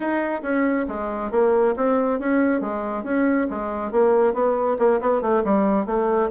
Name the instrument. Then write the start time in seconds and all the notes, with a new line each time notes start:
bassoon
0.00 D#4
0.42 C#4
0.88 G#3
1.31 A#3
1.76 C4
2.19 C#4
2.61 G#3
3.03 C#4
3.49 G#3
3.91 A#3
4.33 B3
4.78 A#3
5.00 B3
5.21 A3
5.44 G3
5.86 A3